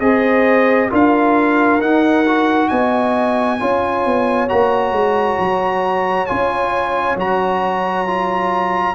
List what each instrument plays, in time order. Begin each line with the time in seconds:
0.00 tuba C4, trombone G#4, horn C5, trumpet D#5
0.90 tuba D4, trombone F4, horn A#4, trumpet F5
1.80 trombone D#4, tuba D#4, trumpet F#5
2.26 trombone F#4
2.68 tuba B3, horn D#5, trumpet G#5
3.59 tuba C#4, trombone F4, horn C#5
4.05 tuba B3
4.49 tuba A#3, trombone F#4, trumpet A#5
4.92 tuba G#3
5.39 tuba F#3
6.26 tuba C#4, trombone F4, trumpet G#5
7.16 tuba F#3, trombone F#4, trumpet A#5
8.07 trombone F4